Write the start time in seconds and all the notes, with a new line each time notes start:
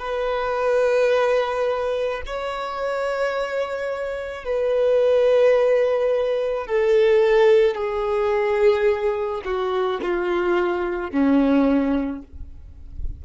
0.00 B4
2.26 C#5
4.45 B4
6.67 A4
7.75 G#4
9.45 F#4
10.03 F4
11.12 C#4